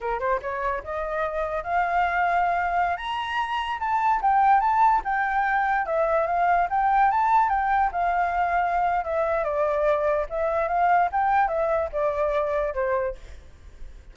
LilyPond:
\new Staff \with { instrumentName = "flute" } { \time 4/4 \tempo 4 = 146 ais'8 c''8 cis''4 dis''2 | f''2.~ f''16 ais''8.~ | ais''4~ ais''16 a''4 g''4 a''8.~ | a''16 g''2 e''4 f''8.~ |
f''16 g''4 a''4 g''4 f''8.~ | f''2 e''4 d''4~ | d''4 e''4 f''4 g''4 | e''4 d''2 c''4 | }